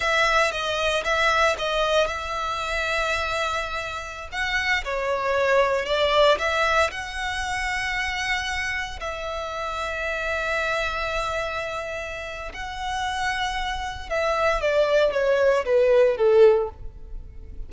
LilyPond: \new Staff \with { instrumentName = "violin" } { \time 4/4 \tempo 4 = 115 e''4 dis''4 e''4 dis''4 | e''1~ | e''16 fis''4 cis''2 d''8.~ | d''16 e''4 fis''2~ fis''8.~ |
fis''4~ fis''16 e''2~ e''8.~ | e''1 | fis''2. e''4 | d''4 cis''4 b'4 a'4 | }